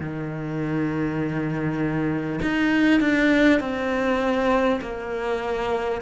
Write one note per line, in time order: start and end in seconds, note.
0.00 2.40 D#3
2.42 3.01 D#4
3.01 3.61 D4
3.61 4.81 C4
4.82 6.02 A#3